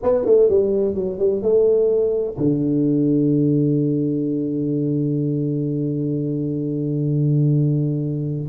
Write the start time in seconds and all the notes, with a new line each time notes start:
0.02 B3
0.25 A3
0.49 G3
0.94 F#3
1.18 G3
1.42 A3
2.37 D3